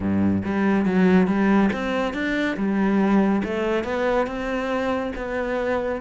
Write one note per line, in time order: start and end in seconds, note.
0.00 0.42 G2
0.44 0.85 G3
0.85 1.27 F#3
1.27 1.69 G3
1.72 2.13 C4
2.13 2.56 D4
2.56 3.42 G3
3.43 3.84 A3
3.84 4.26 B3
4.26 5.12 C4
5.15 6.01 B3